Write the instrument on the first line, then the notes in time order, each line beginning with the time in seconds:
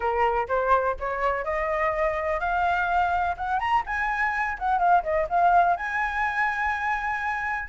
flute
0.00 A#4
0.48 C5
0.99 C#5
1.44 D#5
2.40 F5
3.37 F#5
3.59 A#5
3.86 G#5
4.58 F#5
4.78 F5
5.03 D#5
5.29 F5
5.76 G#5